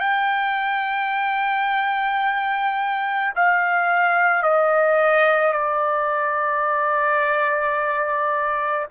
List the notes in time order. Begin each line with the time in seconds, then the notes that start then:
0.00 G5
3.35 F5
4.42 D#5
5.53 D5